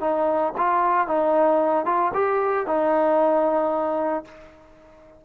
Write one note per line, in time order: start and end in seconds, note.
0.00 0.53 D#4
0.57 1.07 F4
1.07 1.85 D#4
1.85 2.11 F4
2.14 2.66 G4
2.67 4.24 D#4